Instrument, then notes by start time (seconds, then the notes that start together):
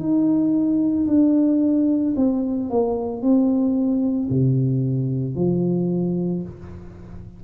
tuba
0.00 D#4
1.08 D4
2.17 C4
2.70 A#3
3.22 C4
4.30 C3
5.36 F3